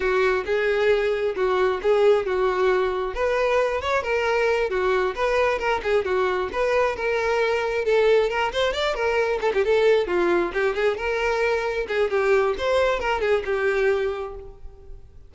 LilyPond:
\new Staff \with { instrumentName = "violin" } { \time 4/4 \tempo 4 = 134 fis'4 gis'2 fis'4 | gis'4 fis'2 b'4~ | b'8 cis''8 ais'4. fis'4 b'8~ | b'8 ais'8 gis'8 fis'4 b'4 ais'8~ |
ais'4. a'4 ais'8 c''8 d''8 | ais'4 a'16 g'16 a'4 f'4 g'8 | gis'8 ais'2 gis'8 g'4 | c''4 ais'8 gis'8 g'2 | }